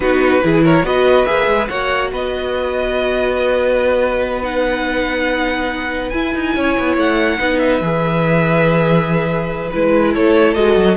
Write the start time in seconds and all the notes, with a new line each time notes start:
0.00 B3 D#4 F#4 B4
0.41 E3 E4 G#4
0.64 A#4 C#5
0.83 B3 F#4 B4 D#5
1.25 A#3 G#4 E5
1.46 G#3
1.68 A#3 F#4 C#5 F#5
2.12 B3 B4 D#5
4.42 D#4 F#5
6.09 E4 G#5
6.34 D#4
6.55 C#4 C#5
6.79 B3
6.96 A3 F#5
7.38 B3 D#4 B4
7.58 E5
7.80 E3 G#4
9.70 G#3 E4 B4
10.13 A3 A4 C#5
10.54 G#3 F#4 D#5
10.76 F#3